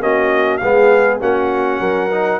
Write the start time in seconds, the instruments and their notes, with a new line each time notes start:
0.00 tuba A#3, trombone C#4, horn F#4, trumpet D#5
0.57 tuba G#3, trombone B3, horn G#4, trumpet F5
1.20 tuba A#3, trombone C#4, horn F#4, trumpet F#5
1.80 tuba F#3, horn A#4
2.11 trombone D#4